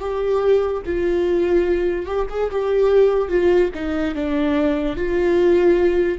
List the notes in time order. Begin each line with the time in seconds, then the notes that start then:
0.00 G4
0.86 F4
2.05 G4
2.30 G#4
2.51 G4
3.28 F4
3.74 D#4
4.15 D4
4.97 F4